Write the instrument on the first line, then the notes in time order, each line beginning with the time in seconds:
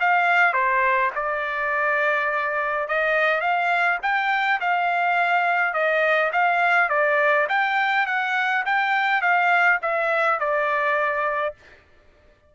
trumpet
0.00 F5
0.53 C5
1.15 D5
2.88 D#5
3.41 F5
4.02 G5
4.60 F5
5.74 D#5
6.33 F5
6.89 D5
7.49 G5
8.06 F#5
8.65 G5
9.22 F5
9.82 E5
10.40 D5